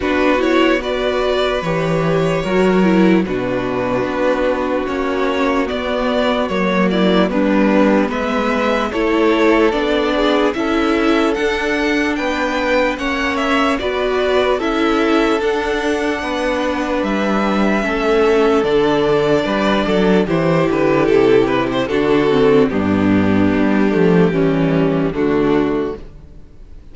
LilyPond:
<<
  \new Staff \with { instrumentName = "violin" } { \time 4/4 \tempo 4 = 74 b'8 cis''8 d''4 cis''2 | b'2 cis''4 d''4 | cis''8 d''8 b'4 e''4 cis''4 | d''4 e''4 fis''4 g''4 |
fis''8 e''8 d''4 e''4 fis''4~ | fis''4 e''2 d''4~ | d''4 c''8 b'8 a'8 b'16 c''16 a'4 | g'2. fis'4 | }
  \new Staff \with { instrumentName = "violin" } { \time 4/4 fis'4 b'2 ais'4 | fis'1~ | fis'8 e'8 d'4 b'4 a'4~ | a'8 gis'8 a'2 b'4 |
cis''4 b'4 a'2 | b'2 a'2 | b'8 a'8 g'2 fis'4 | d'2 cis'4 d'4 | }
  \new Staff \with { instrumentName = "viola" } { \time 4/4 d'8 e'8 fis'4 g'4 fis'8 e'8 | d'2 cis'4 b4 | ais4 b2 e'4 | d'4 e'4 d'2 |
cis'4 fis'4 e'4 d'4~ | d'2 cis'4 d'4~ | d'4 e'2 d'8 c'8 | b4. a8 g4 a4 | }
  \new Staff \with { instrumentName = "cello" } { \time 4/4 b2 e4 fis4 | b,4 b4 ais4 b4 | fis4 g4 gis4 a4 | b4 cis'4 d'4 b4 |
ais4 b4 cis'4 d'4 | b4 g4 a4 d4 | g8 fis8 e8 d8 c4 d4 | g,4 g8 f8 e4 d4 | }
>>